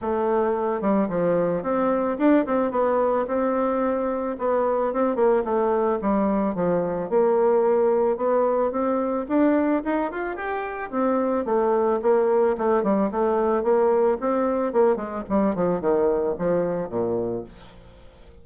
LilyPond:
\new Staff \with { instrumentName = "bassoon" } { \time 4/4 \tempo 4 = 110 a4. g8 f4 c'4 | d'8 c'8 b4 c'2 | b4 c'8 ais8 a4 g4 | f4 ais2 b4 |
c'4 d'4 dis'8 f'8 g'4 | c'4 a4 ais4 a8 g8 | a4 ais4 c'4 ais8 gis8 | g8 f8 dis4 f4 ais,4 | }